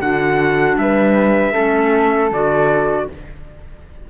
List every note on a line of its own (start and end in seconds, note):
0.00 0.77 D3
0.00 1.53 D4
0.00 0.79 F#4
0.00 0.78 F#5
0.77 1.54 G3
0.77 1.53 B4
0.77 2.32 E5
1.53 2.32 A3
1.53 2.30 C#4
1.53 3.07 A4
2.32 3.09 D3
2.32 3.10 F#4
2.32 3.10 D5